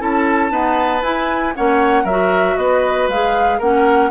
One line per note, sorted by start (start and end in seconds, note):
0.00 0.51 C#4
0.00 0.51 E4
0.00 0.52 A4
0.00 1.03 A5
0.51 1.03 B3
0.51 1.03 D#4
0.51 1.54 B4
1.03 1.54 E4
1.03 1.55 E4
1.03 1.54 G#5
1.55 2.04 A#3
1.55 2.07 C#4
1.55 2.04 C#5
1.55 2.06 F#5
2.04 2.56 F#3
2.04 2.55 A#4
2.04 2.57 E5
2.10 3.12 F#4
2.57 3.08 B3
2.57 3.59 B4
2.57 3.08 D#5
3.09 3.60 G#3
3.09 3.62 G#4
3.09 3.61 F5
3.59 4.11 A#3
3.59 4.11 C#4
3.59 4.10 A#4
3.59 4.11 F#5